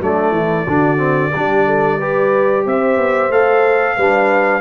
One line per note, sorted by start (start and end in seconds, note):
0.00 0.31 F#3
0.00 0.67 A3
0.00 0.35 D4
0.00 2.66 D5
0.31 0.64 E3
0.31 0.65 E4
0.65 1.33 D3
0.65 0.97 D4
0.65 1.31 F#4
0.97 1.30 C4
1.34 2.66 G3
1.34 2.00 D4
1.34 1.66 G4
1.66 1.99 A4
1.99 3.31 G4
1.99 2.65 B4
2.66 2.97 C4
2.66 3.97 C5
2.66 3.32 E5
2.97 3.29 B3
3.29 3.95 A3
3.29 3.97 A4
3.29 4.61 F5
3.97 4.61 G3
3.97 4.61 D4
3.97 4.61 B4